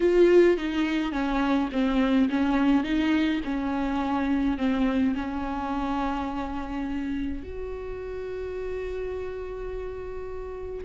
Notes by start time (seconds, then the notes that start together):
0.00 F4
0.57 D#4
1.12 C#4
1.71 C4
2.29 C#4
2.83 D#4
3.44 C#4
4.57 C4
5.14 C#4
7.43 F#4